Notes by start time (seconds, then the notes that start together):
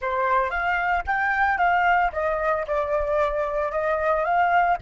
0.01 C5
0.50 F5
1.06 G5
1.58 F5
2.12 D#5
2.67 D5
3.71 D#5
4.24 F5